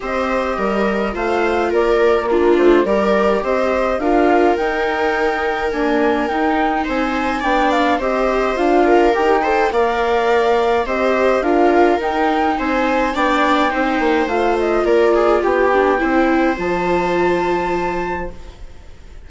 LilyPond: <<
  \new Staff \with { instrumentName = "flute" } { \time 4/4 \tempo 4 = 105 dis''2 f''4 d''4 | ais'8 c''8 d''4 dis''4 f''4 | g''2 gis''4 g''4 | gis''4 g''8 f''8 dis''4 f''4 |
g''4 f''2 dis''4 | f''4 g''4 gis''4 g''4~ | g''4 f''8 dis''8 d''4 g''4~ | g''4 a''2. | }
  \new Staff \with { instrumentName = "viola" } { \time 4/4 c''4 ais'4 c''4 ais'4 | f'4 ais'4 c''4 ais'4~ | ais'1 | c''4 d''4 c''4. ais'8~ |
ais'8 c''8 d''2 c''4 | ais'2 c''4 d''4 | c''2 ais'8 gis'8 g'4 | c''1 | }
  \new Staff \with { instrumentName = "viola" } { \time 4/4 g'2 f'2 | d'4 g'2 f'4 | dis'2 ais4 dis'4~ | dis'4 d'4 g'4 f'4 |
g'8 a'8 ais'2 g'4 | f'4 dis'2 d'4 | dis'4 f'2~ f'8 d'8 | e'4 f'2. | }
  \new Staff \with { instrumentName = "bassoon" } { \time 4/4 c'4 g4 a4 ais4~ | ais8 a8 g4 c'4 d'4 | dis'2 d'4 dis'4 | c'4 b4 c'4 d'4 |
dis'4 ais2 c'4 | d'4 dis'4 c'4 b4 | c'8 ais8 a4 ais4 b4 | c'4 f2. | }
>>